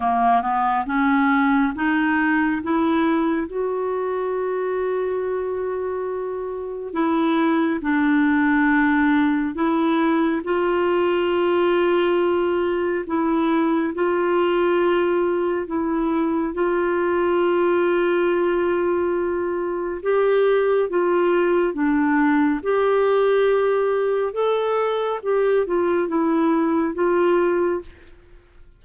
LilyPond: \new Staff \with { instrumentName = "clarinet" } { \time 4/4 \tempo 4 = 69 ais8 b8 cis'4 dis'4 e'4 | fis'1 | e'4 d'2 e'4 | f'2. e'4 |
f'2 e'4 f'4~ | f'2. g'4 | f'4 d'4 g'2 | a'4 g'8 f'8 e'4 f'4 | }